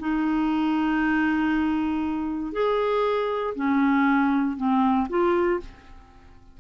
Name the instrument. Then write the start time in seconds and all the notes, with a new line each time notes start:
clarinet
0.00 D#4
2.53 G#4
3.56 C#4
4.57 C4
5.10 F4